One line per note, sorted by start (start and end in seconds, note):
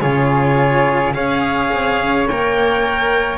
0.00 1.14 C#3
0.00 1.14 F4
0.00 1.13 G#4
0.00 1.13 C#5
1.14 1.71 C#4
1.14 2.27 G#4
1.14 3.38 C#5
1.14 2.27 F5
1.72 2.00 C4
2.00 2.28 C#4
2.28 3.38 A#3
2.28 3.38 A#4
2.28 3.38 G5